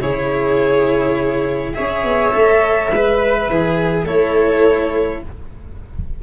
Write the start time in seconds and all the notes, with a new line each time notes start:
0.00 C#3 E4 G#4 C#5
1.74 C#4 G#4 C#5 E5
2.04 B3
2.32 A3 A4
2.90 G#3 B4
2.96 B4
3.50 E3 G#4
4.04 A3 E4 A4 C#5